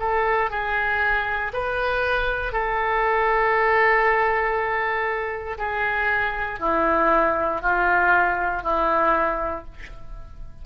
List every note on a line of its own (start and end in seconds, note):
0.00 0.51 A4
0.51 1.53 G#4
1.54 2.53 B4
2.53 5.58 A4
5.58 6.60 G#4
6.60 7.62 E4
7.62 8.63 F4
8.63 9.65 E4